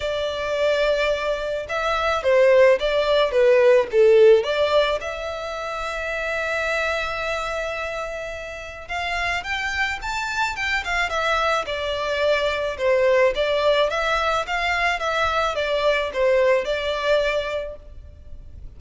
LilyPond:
\new Staff \with { instrumentName = "violin" } { \time 4/4 \tempo 4 = 108 d''2. e''4 | c''4 d''4 b'4 a'4 | d''4 e''2.~ | e''1 |
f''4 g''4 a''4 g''8 f''8 | e''4 d''2 c''4 | d''4 e''4 f''4 e''4 | d''4 c''4 d''2 | }